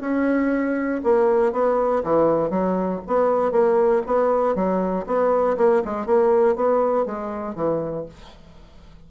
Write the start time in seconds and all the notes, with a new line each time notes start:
0.00 C#4
1.03 A#3
1.52 B3
2.03 E3
2.49 F#3
3.07 B3
3.51 A#3
4.06 B3
4.55 F#3
5.06 B3
5.57 A#3
5.84 G#3
6.06 A#3
6.55 B3
7.05 G#3
7.55 E3